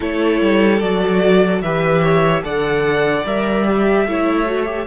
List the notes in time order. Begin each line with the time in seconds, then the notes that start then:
0.00 A3 E4 A4 C#5
0.41 G3
0.80 F#3 F#4 D5
1.61 E3 G4 B4 E5
2.02 C#5
2.42 D3 A4 D5 F#5
3.24 G3 A#4 E5
3.65 G4
4.06 A3 E4 C#5
4.46 F#4
4.66 G4